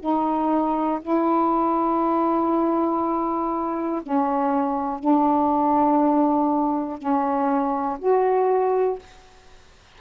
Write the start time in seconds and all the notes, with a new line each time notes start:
0.00 D#4
1.02 E4
4.02 C#4
4.99 D4
6.98 C#4
7.99 F#4